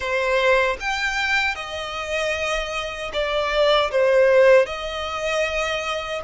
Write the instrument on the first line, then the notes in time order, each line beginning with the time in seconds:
violin
0.00 C5
0.80 G5
1.55 D#5
3.13 D5
3.91 C5
4.65 D#5